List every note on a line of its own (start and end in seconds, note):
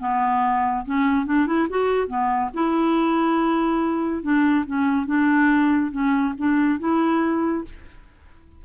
0.00 0.85 B3
0.86 1.26 C#4
1.26 1.47 D4
1.47 1.68 E4
1.70 2.08 F#4
2.08 2.50 B3
2.54 4.23 E4
4.23 4.65 D4
4.66 5.06 C#4
5.06 5.91 D4
5.91 6.34 C#4
6.38 6.80 D4
6.80 7.65 E4